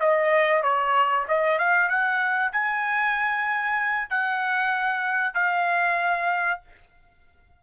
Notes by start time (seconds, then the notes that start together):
0.00 D#5
0.63 C#5
1.28 D#5
1.59 F5
1.89 F#5
2.52 G#5
4.10 F#5
5.34 F5